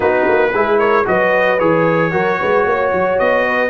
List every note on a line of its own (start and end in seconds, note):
0.00 0.26 B3
0.00 0.51 D#4
0.00 0.52 F#4
0.00 0.78 B4
0.28 0.53 A#3
0.53 1.06 G#3
0.53 1.04 E4
0.53 0.79 G#4
0.78 1.05 A#4
0.78 1.05 C#5
1.04 1.60 F#3
1.04 1.58 F#4
1.04 2.12 B4
1.04 1.59 D#5
1.59 2.13 E3
1.59 2.11 G#4
1.59 3.18 C#5
2.11 2.39 F#3
2.11 3.70 F#4
2.11 2.38 A#4
2.39 2.65 G#3
2.39 2.66 B4
2.65 2.91 A#3
2.65 3.47 C#5
2.92 3.19 F#3
3.18 3.70 B3
3.18 3.70 D#5
3.47 3.70 B4